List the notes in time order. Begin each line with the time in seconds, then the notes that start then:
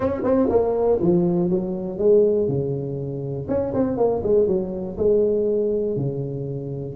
0.00 C#4
0.23 C4
0.49 A#3
1.01 F3
1.50 F#3
1.98 G#3
2.48 C#3
3.48 C#4
3.73 C4
3.97 A#3
4.23 G#3
4.47 F#3
4.97 G#3
5.96 C#3